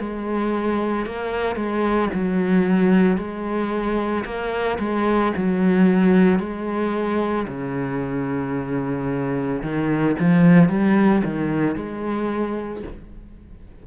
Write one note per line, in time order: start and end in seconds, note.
0.00 1.06 G#3
1.06 1.56 A#3
1.56 2.09 G#3
2.14 3.18 F#3
3.18 4.25 G#3
4.25 4.79 A#3
4.79 5.33 G#3
5.37 6.40 F#3
6.40 7.47 G#3
7.48 9.62 C#3
9.62 10.16 D#3
10.19 10.69 F3
10.69 11.23 G3
11.25 11.76 D#3
11.76 12.83 G#3